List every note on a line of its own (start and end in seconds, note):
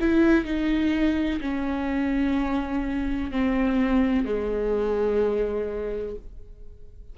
0.00 0.45 E4
0.45 1.40 D#4
1.41 3.31 C#4
3.31 4.25 C4
4.25 6.16 G#3